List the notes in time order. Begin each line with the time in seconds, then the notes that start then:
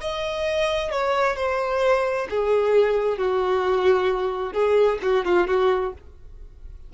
0.00 D#5
0.91 C#5
1.36 C5
2.29 G#4
3.18 F#4
4.53 G#4
5.02 F#4
5.25 F4
5.47 F#4